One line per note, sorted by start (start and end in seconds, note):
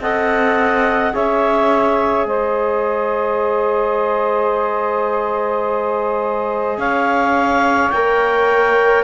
0.00 1.13 C4
0.00 1.12 A4
0.00 1.13 D#5
0.00 1.15 F#5
1.12 2.25 C#4
1.12 7.92 G#4
1.12 2.26 C#5
1.12 2.26 E5
2.25 6.77 G#3
2.25 6.78 C5
2.25 6.79 D#5
6.77 7.91 C#4
6.77 9.04 C#5
6.77 7.90 F5
7.90 9.04 A#3
7.90 9.04 A#4
7.90 9.03 G5